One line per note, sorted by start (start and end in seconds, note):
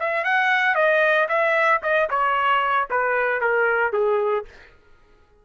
0.00 0.24 E5
0.24 0.75 F#5
0.75 1.28 D#5
1.29 1.81 E5
1.83 2.09 D#5
2.10 2.89 C#5
2.90 3.41 B4
3.41 3.93 A#4
3.93 4.45 G#4